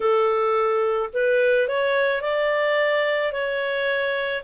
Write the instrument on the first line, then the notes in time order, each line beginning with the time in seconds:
clarinet
0.00 A4
1.13 B4
1.68 C#5
2.21 D5
3.32 C#5